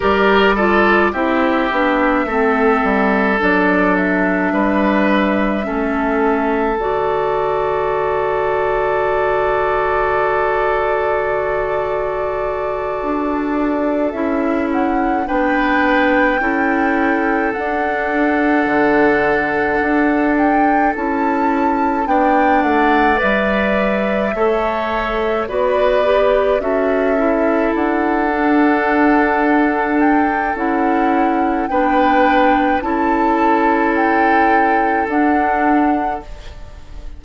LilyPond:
<<
  \new Staff \with { instrumentName = "flute" } { \time 4/4 \tempo 4 = 53 d''4 e''2 d''8 e''8~ | e''2 d''2~ | d''1~ | d''8 e''8 fis''8 g''2 fis''8~ |
fis''2 g''8 a''4 g''8 | fis''8 e''2 d''4 e''8~ | e''8 fis''2 g''8 fis''4 | g''4 a''4 g''4 fis''4 | }
  \new Staff \with { instrumentName = "oboe" } { \time 4/4 ais'8 a'8 g'4 a'2 | b'4 a'2.~ | a'1~ | a'4. b'4 a'4.~ |
a'2.~ a'8 d''8~ | d''4. cis''4 b'4 a'8~ | a'1 | b'4 a'2. | }
  \new Staff \with { instrumentName = "clarinet" } { \time 4/4 g'8 f'8 e'8 d'8 c'4 d'4~ | d'4 cis'4 fis'2~ | fis'1~ | fis'8 e'4 d'4 e'4 d'8~ |
d'2~ d'8 e'4 d'8~ | d'8 b'4 a'4 fis'8 g'8 fis'8 | e'4 d'2 e'4 | d'4 e'2 d'4 | }
  \new Staff \with { instrumentName = "bassoon" } { \time 4/4 g4 c'8 b8 a8 g8 fis4 | g4 a4 d2~ | d2.~ d8 d'8~ | d'8 cis'4 b4 cis'4 d'8~ |
d'8 d4 d'4 cis'4 b8 | a8 g4 a4 b4 cis'8~ | cis'8 d'2~ d'8 cis'4 | b4 cis'2 d'4 | }
>>